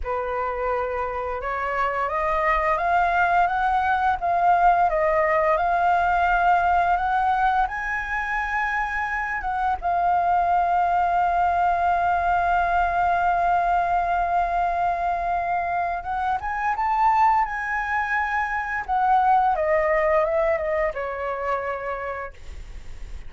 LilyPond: \new Staff \with { instrumentName = "flute" } { \time 4/4 \tempo 4 = 86 b'2 cis''4 dis''4 | f''4 fis''4 f''4 dis''4 | f''2 fis''4 gis''4~ | gis''4. fis''8 f''2~ |
f''1~ | f''2. fis''8 gis''8 | a''4 gis''2 fis''4 | dis''4 e''8 dis''8 cis''2 | }